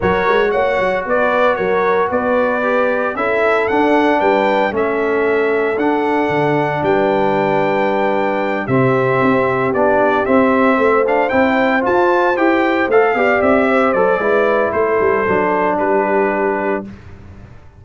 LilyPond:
<<
  \new Staff \with { instrumentName = "trumpet" } { \time 4/4 \tempo 4 = 114 cis''4 fis''4 d''4 cis''4 | d''2 e''4 fis''4 | g''4 e''2 fis''4~ | fis''4 g''2.~ |
g''8 e''2 d''4 e''8~ | e''4 f''8 g''4 a''4 g''8~ | g''8 f''4 e''4 d''4. | c''2 b'2 | }
  \new Staff \with { instrumentName = "horn" } { \time 4/4 ais'4 cis''4 b'4 ais'4 | b'2 a'2 | b'4 a'2.~ | a'4 b'2.~ |
b'8 g'2.~ g'8~ | g'8 c''2.~ c''8~ | c''4 d''4 c''4 b'4 | a'2 g'2 | }
  \new Staff \with { instrumentName = "trombone" } { \time 4/4 fis'1~ | fis'4 g'4 e'4 d'4~ | d'4 cis'2 d'4~ | d'1~ |
d'8 c'2 d'4 c'8~ | c'4 d'8 e'4 f'4 g'8~ | g'8 a'8 g'4. a'8 e'4~ | e'4 d'2. | }
  \new Staff \with { instrumentName = "tuba" } { \time 4/4 fis8 gis8 ais8 fis8 b4 fis4 | b2 cis'4 d'4 | g4 a2 d'4 | d4 g2.~ |
g8 c4 c'4 b4 c'8~ | c'8 a4 c'4 f'4 e'8~ | e'8 a8 b8 c'4 fis8 gis4 | a8 g8 fis4 g2 | }
>>